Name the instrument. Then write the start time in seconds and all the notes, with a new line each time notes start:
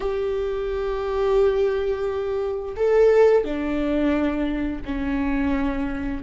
viola
0.00 G4
2.76 A4
3.44 D4
4.85 C#4